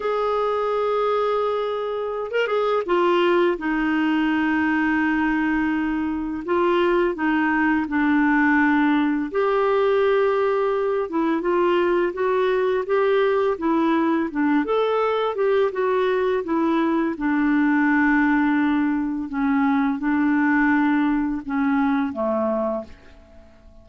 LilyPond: \new Staff \with { instrumentName = "clarinet" } { \time 4/4 \tempo 4 = 84 gis'2.~ gis'16 ais'16 gis'8 | f'4 dis'2.~ | dis'4 f'4 dis'4 d'4~ | d'4 g'2~ g'8 e'8 |
f'4 fis'4 g'4 e'4 | d'8 a'4 g'8 fis'4 e'4 | d'2. cis'4 | d'2 cis'4 a4 | }